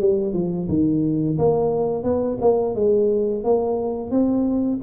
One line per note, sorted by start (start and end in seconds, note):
0.00 0.33 G3
0.33 0.68 F3
0.69 1.38 D#3
1.38 2.03 A#3
2.03 2.38 B3
2.41 2.75 A#3
2.75 3.44 G#3
3.44 4.10 A#3
4.10 4.79 C4